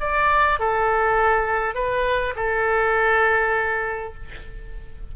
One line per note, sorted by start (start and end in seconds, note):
0.00 0.59 D5
0.59 1.74 A4
1.74 2.34 B4
2.35 4.14 A4